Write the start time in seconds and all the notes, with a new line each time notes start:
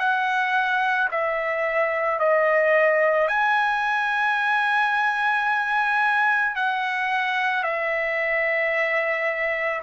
0.00 F#5
1.12 E5
2.20 D#5
3.29 G#5
6.56 F#5
7.64 E5